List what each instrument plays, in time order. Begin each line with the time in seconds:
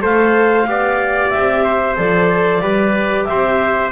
0.00 double bass A3, viola A4, trumpet C5, clarinet F5
0.66 double bass B3, viola G4, trumpet D5
1.30 clarinet E5
1.36 double bass C4
1.64 trumpet C5
1.96 double bass F3, viola A4, clarinet D5
2.60 double bass G3, viola G4, trumpet B4
3.24 trumpet C5, clarinet E5
3.30 double bass C4